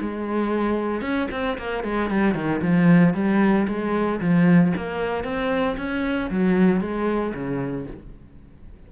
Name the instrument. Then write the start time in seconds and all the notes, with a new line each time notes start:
cello
0.00 G#3
1.01 C#4
1.31 C4
1.58 A#3
1.83 G#3
2.10 G3
2.34 D#3
2.61 F3
3.14 G3
3.67 G#3
4.20 F3
4.76 A#3
5.24 C4
5.77 C#4
6.30 F#3
6.80 G#3
7.34 C#3